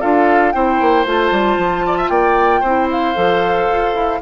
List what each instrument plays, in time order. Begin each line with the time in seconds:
0.00 bassoon D4, clarinet F4, oboe A4, flute F5
0.52 bassoon C4, clarinet E4, oboe C5, flute G5
0.80 bassoon A#3
1.05 bassoon A3, clarinet F4, flute A5
1.31 bassoon G3
1.57 bassoon F3
1.86 oboe D5
1.97 oboe E5
2.08 bassoon A#3, oboe D5, flute G5
2.60 bassoon C4, clarinet E4, oboe C5
2.90 flute F5
3.15 bassoon F3, clarinet A4
3.71 bassoon F4
3.94 bassoon E4